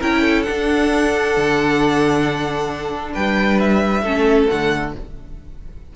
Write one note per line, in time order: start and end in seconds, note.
0.00 0.47 C#4
0.00 0.46 E4
0.00 0.22 A#4
0.00 0.43 G5
0.22 3.13 A4
0.43 4.04 D4
0.43 3.12 F#5
0.50 1.37 D4
1.37 3.16 D3
3.14 4.03 G3
3.14 4.03 B4
3.14 3.60 G5
3.60 4.49 E5
4.03 4.47 A3
4.03 4.49 C#4
4.03 4.94 A4
4.49 4.96 D3
4.49 4.94 A3
4.49 4.94 F#5